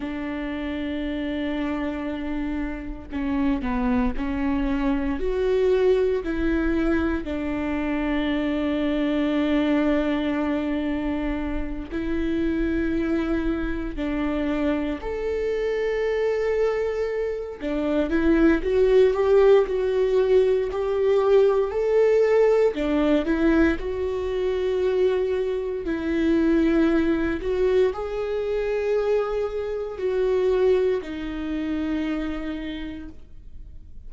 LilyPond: \new Staff \with { instrumentName = "viola" } { \time 4/4 \tempo 4 = 58 d'2. cis'8 b8 | cis'4 fis'4 e'4 d'4~ | d'2.~ d'8 e'8~ | e'4. d'4 a'4.~ |
a'4 d'8 e'8 fis'8 g'8 fis'4 | g'4 a'4 d'8 e'8 fis'4~ | fis'4 e'4. fis'8 gis'4~ | gis'4 fis'4 dis'2 | }